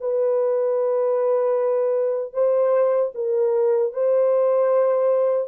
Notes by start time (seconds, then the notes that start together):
0.00 B4
2.33 C5
3.14 A#4
3.93 C5